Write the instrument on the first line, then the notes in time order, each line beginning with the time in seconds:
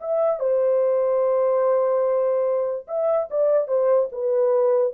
horn
0.00 E5
0.40 C5
2.87 E5
3.30 D5
3.67 C5
4.12 B4